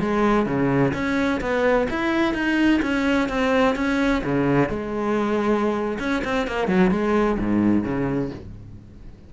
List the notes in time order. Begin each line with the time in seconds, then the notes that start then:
0.00 G#3
0.46 C#3
0.94 C#4
1.41 B3
1.90 E4
2.34 D#4
2.82 C#4
3.29 C4
3.76 C#4
4.24 C#3
4.69 G#3
5.99 C#4
6.25 C4
6.47 A#3
6.68 F#3
6.91 G#3
7.39 G#2
7.83 C#3